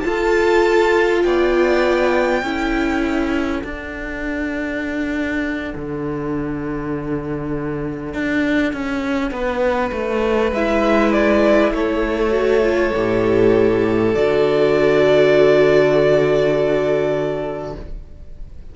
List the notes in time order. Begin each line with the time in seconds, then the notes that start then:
0.00 F4 A4 A5
1.23 B3 D5 G5
2.43 C#4 E4 A4
3.62 D4 F#5
5.76 D3
8.14 D4
8.73 C#4
9.31 B3 B4
9.92 A3
10.52 G#3 E4 E5
11.13 D5
11.72 A3 A4 C#5
12.31 F#4
12.63 F4
12.95 A2 G4
14.15 D3 F#4 D5